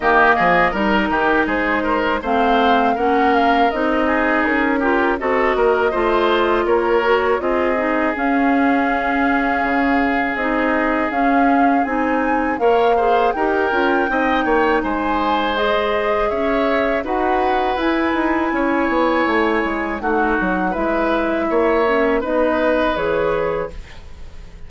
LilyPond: <<
  \new Staff \with { instrumentName = "flute" } { \time 4/4 \tempo 4 = 81 dis''4 ais'4 c''4 f''4 | fis''8 f''8 dis''4 ais'4 dis''4~ | dis''4 cis''4 dis''4 f''4~ | f''2 dis''4 f''4 |
gis''4 f''4 g''2 | gis''4 dis''4 e''4 fis''4 | gis''2. fis''4 | e''2 dis''4 cis''4 | }
  \new Staff \with { instrumentName = "oboe" } { \time 4/4 g'8 gis'8 ais'8 g'8 gis'8 ais'8 c''4 | ais'4. gis'4 g'8 a'8 ais'8 | c''4 ais'4 gis'2~ | gis'1~ |
gis'4 cis''8 c''8 ais'4 dis''8 cis''8 | c''2 cis''4 b'4~ | b'4 cis''2 fis'4 | b'4 cis''4 b'2 | }
  \new Staff \with { instrumentName = "clarinet" } { \time 4/4 ais4 dis'2 c'4 | cis'4 dis'4. f'8 fis'4 | f'4. fis'8 f'8 dis'8 cis'4~ | cis'2 dis'4 cis'4 |
dis'4 ais'8 gis'8 g'8 f'8 dis'4~ | dis'4 gis'2 fis'4 | e'2. dis'4 | e'4. cis'8 dis'4 gis'4 | }
  \new Staff \with { instrumentName = "bassoon" } { \time 4/4 dis8 f8 g8 dis8 gis4 a4 | ais4 c'4 cis'4 c'8 ais8 | a4 ais4 c'4 cis'4~ | cis'4 cis4 c'4 cis'4 |
c'4 ais4 dis'8 cis'8 c'8 ais8 | gis2 cis'4 dis'4 | e'8 dis'8 cis'8 b8 a8 gis8 a8 fis8 | gis4 ais4 b4 e4 | }
>>